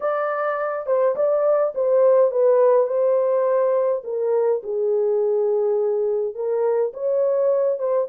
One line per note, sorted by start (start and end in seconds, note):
0.00 0.86 D5
0.86 1.15 C5
1.15 1.73 D5
1.74 2.31 C5
2.31 2.87 B4
2.87 4.02 C5
4.04 4.62 A#4
4.63 6.34 G#4
6.34 6.92 A#4
6.93 7.78 C#5
7.78 8.07 C5